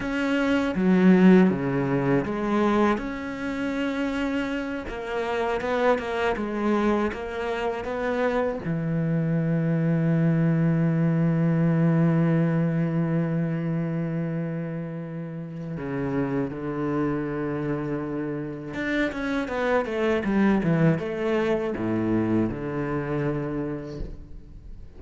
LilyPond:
\new Staff \with { instrumentName = "cello" } { \time 4/4 \tempo 4 = 80 cis'4 fis4 cis4 gis4 | cis'2~ cis'8 ais4 b8 | ais8 gis4 ais4 b4 e8~ | e1~ |
e1~ | e4 cis4 d2~ | d4 d'8 cis'8 b8 a8 g8 e8 | a4 a,4 d2 | }